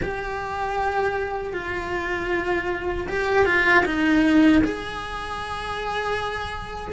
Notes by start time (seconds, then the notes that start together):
0.02 G4
1.53 F4
3.08 G4
3.45 F4
3.85 D#4
4.64 G#4